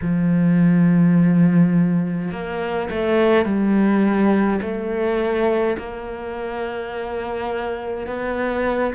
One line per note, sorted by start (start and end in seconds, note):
0.01 2.31 F3
2.31 2.89 A#3
2.90 3.45 A3
3.45 4.60 G3
4.61 5.76 A3
5.77 8.07 A#3
8.07 8.93 B3